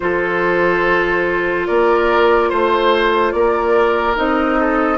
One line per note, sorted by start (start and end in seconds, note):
0.00 1.68 F3
0.00 4.15 F4
0.00 1.67 A4
0.00 1.67 C5
1.67 2.51 A#3
1.67 2.49 A#4
1.67 2.49 D5
2.49 3.33 A3
2.49 3.32 C5
3.32 4.16 A#3
3.32 4.60 A#4
3.32 4.15 D5
4.15 4.98 C4
4.15 4.98 D#4
4.15 4.98 D#5
4.60 4.98 A4